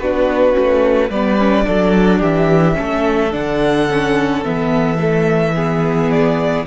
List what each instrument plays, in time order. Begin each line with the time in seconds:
0.00 cello B3, viola D4, violin F#4 B4
0.53 cello A3, viola C#4
1.10 cello G3, viola B3, violin B4 D5
1.40 viola C#4
1.65 cello F#3, viola D4, violin A4
2.20 cello E3, violin G4 E5
2.75 cello A3, viola C#4, violin A4
3.33 cello D3, viola D4, violin F#5
3.91 viola C#4
4.45 cello E3, viola B3, violin E5
4.98 viola A3
5.55 viola B3, violin G#4
6.11 violin D5